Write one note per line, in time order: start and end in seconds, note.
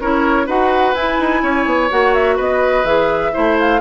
0.00 0.47 C#4
0.00 0.47 E4
0.00 0.46 A#4
0.00 0.48 C#5
0.46 0.94 D#4
0.46 0.95 F#4
0.46 1.41 B4
0.46 0.94 F#5
0.94 1.18 E4
0.94 1.90 E4
0.94 1.90 G#5
1.20 1.43 D#4
1.43 1.65 C#4
1.43 2.36 C#5
1.65 1.89 B3
1.90 2.39 A#3
1.90 2.85 F#4
1.90 2.14 F#5
2.14 2.37 E5
2.36 2.84 B3
2.36 3.31 B4
2.36 2.86 D#5
2.84 3.31 E3
2.84 3.33 G#4
2.84 3.57 E5
3.33 3.81 A3
3.33 3.80 E4
3.33 3.81 C5
3.59 3.81 F5